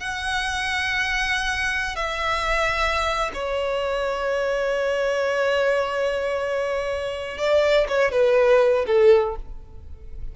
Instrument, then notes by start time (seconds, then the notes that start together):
violin
0.00 F#5
1.96 E5
3.34 C#5
7.38 D5
7.88 C#5
8.12 B4
8.87 A4